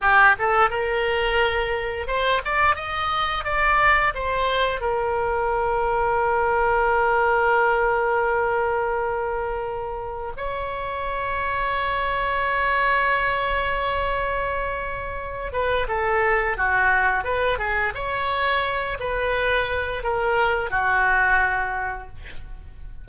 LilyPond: \new Staff \with { instrumentName = "oboe" } { \time 4/4 \tempo 4 = 87 g'8 a'8 ais'2 c''8 d''8 | dis''4 d''4 c''4 ais'4~ | ais'1~ | ais'2. cis''4~ |
cis''1~ | cis''2~ cis''8 b'8 a'4 | fis'4 b'8 gis'8 cis''4. b'8~ | b'4 ais'4 fis'2 | }